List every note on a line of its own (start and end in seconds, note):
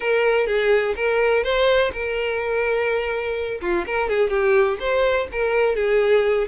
0.00 0.46 A#4
0.46 0.94 G#4
0.95 1.43 A#4
1.43 1.91 C5
1.92 3.60 A#4
3.61 3.85 F4
3.86 4.09 A#4
4.09 4.30 G#4
4.30 4.78 G4
4.79 5.27 C5
5.31 5.75 A#4
5.75 6.47 G#4